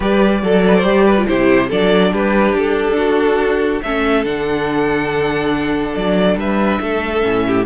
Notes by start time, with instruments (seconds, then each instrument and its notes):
0.00 cello G3, viola G4, violin B4 D5
0.42 cello F#3, violin A4, viola A4
0.67 violin B4
0.76 violin C5
0.83 cello G3, viola G4
1.05 violin B4
1.18 viola F4
1.27 cello C3, viola E4, violin G4 C5
1.68 cello F#3, viola D4, violin A4 D5
2.11 cello G3, violin G4 B4
2.53 cello D4, violin A4
2.97 violin F#4
3.82 cello A3, viola C#4, violin A4 E5
4.24 cello D3, viola D4, violin F#5
5.94 cello F#3, violin D5
6.35 cello G3, violin B4 E5
6.80 cello A3, violin A4
7.21 cello A2, viola C#4
7.47 violin G4